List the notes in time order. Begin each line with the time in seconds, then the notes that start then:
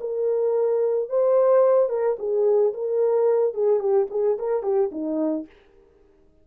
0.00 A#4
1.09 C5
1.89 A#4
2.18 G#4
2.73 A#4
3.54 G#4
3.79 G4
4.10 G#4
4.38 A#4
4.62 G4
4.91 D#4